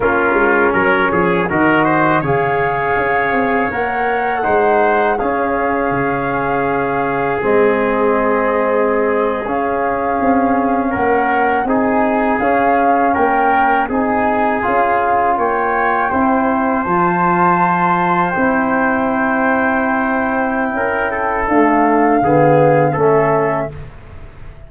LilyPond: <<
  \new Staff \with { instrumentName = "flute" } { \time 4/4 \tempo 4 = 81 ais'4 cis''4 dis''4 f''4~ | f''4 fis''2 f''4~ | f''2 dis''2~ | dis''8. f''2 fis''4 gis''16~ |
gis''8. f''4 g''4 gis''4 f''16~ | f''8. g''2 a''4~ a''16~ | a''8. g''2.~ g''16~ | g''4 f''2 e''4 | }
  \new Staff \with { instrumentName = "trumpet" } { \time 4/4 f'4 ais'8 gis'8 ais'8 c''8 cis''4~ | cis''2 c''4 gis'4~ | gis'1~ | gis'2~ gis'8. ais'4 gis'16~ |
gis'4.~ gis'16 ais'4 gis'4~ gis'16~ | gis'8. cis''4 c''2~ c''16~ | c''1 | ais'8 a'4. gis'4 a'4 | }
  \new Staff \with { instrumentName = "trombone" } { \time 4/4 cis'2 fis'4 gis'4~ | gis'4 ais'4 dis'4 cis'4~ | cis'2 c'2~ | c'8. cis'2. dis'16~ |
dis'8. cis'2 dis'4 f'16~ | f'4.~ f'16 e'4 f'4~ f'16~ | f'8. e'2.~ e'16~ | e'4 a4 b4 cis'4 | }
  \new Staff \with { instrumentName = "tuba" } { \time 4/4 ais8 gis8 fis8 f8 dis4 cis4 | cis'8 c'8 ais4 gis4 cis'4 | cis2 gis2~ | gis8. cis'4 c'4 ais4 c'16~ |
c'8. cis'4 ais4 c'4 cis'16~ | cis'8. ais4 c'4 f4~ f16~ | f8. c'2.~ c'16 | cis'4 d'4 d4 a4 | }
>>